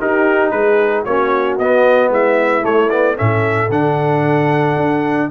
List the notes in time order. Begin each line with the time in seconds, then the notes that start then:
0.00 D#4 G4 A#4
0.51 G#3 G#4 B4
1.05 A#3 C#4 F#4 C#5
1.59 B3 D#5
2.10 G#3 E4 E5
2.62 A3 C#5
2.90 B3 D5
3.16 A2 C#4 A4 E5
3.70 D3 D4 F#5
4.77 D4